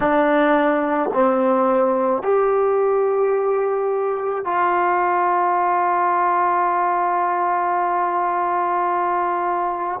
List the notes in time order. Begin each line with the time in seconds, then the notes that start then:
0.00 D4
1.13 C4
2.22 G4
4.44 F4